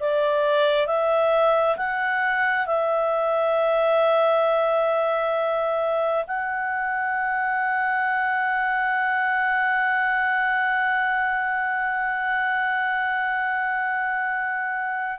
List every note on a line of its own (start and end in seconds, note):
0.00 0.87 D5
0.87 1.76 E5
1.77 2.66 F#5
2.66 6.24 E5
6.27 15.19 F#5